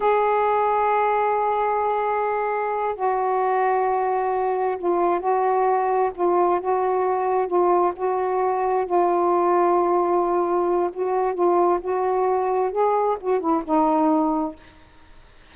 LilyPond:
\new Staff \with { instrumentName = "saxophone" } { \time 4/4 \tempo 4 = 132 gis'1~ | gis'2~ gis'8 fis'4.~ | fis'2~ fis'8 f'4 fis'8~ | fis'4. f'4 fis'4.~ |
fis'8 f'4 fis'2 f'8~ | f'1 | fis'4 f'4 fis'2 | gis'4 fis'8 e'8 dis'2 | }